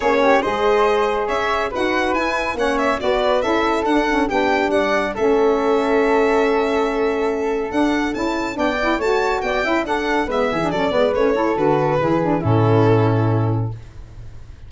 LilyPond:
<<
  \new Staff \with { instrumentName = "violin" } { \time 4/4 \tempo 4 = 140 cis''4 dis''2 e''4 | fis''4 gis''4 fis''8 e''8 d''4 | e''4 fis''4 g''4 fis''4 | e''1~ |
e''2 fis''4 a''4 | g''4 a''4 g''4 fis''4 | e''4 d''4 cis''4 b'4~ | b'4 a'2. | }
  \new Staff \with { instrumentName = "flute" } { \time 4/4 gis'8 g'8 c''2 cis''4 | b'2 cis''4 b'4 | a'2 g'4 d''4 | a'1~ |
a'1 | d''4 cis''4 d''8 e''8 a'4 | b'8 gis'8 a'8 b'4 a'4. | gis'4 e'2. | }
  \new Staff \with { instrumentName = "saxophone" } { \time 4/4 cis'4 gis'2. | fis'4 e'4 cis'4 fis'4 | e'4 d'8 cis'8 d'2 | cis'1~ |
cis'2 d'4 e'4 | d'8 e'8 fis'4. e'8 d'4 | b8. d'16 cis'8 b8 cis'8 e'8 fis'4 | e'8 d'8 cis'2. | }
  \new Staff \with { instrumentName = "tuba" } { \time 4/4 ais4 gis2 cis'4 | dis'4 e'4 ais4 b4 | cis'4 d'4 b4 g4 | a1~ |
a2 d'4 cis'4 | b4 a4 b8 cis'8 d'4 | gis8 e8 fis8 gis8 a4 d4 | e4 a,2. | }
>>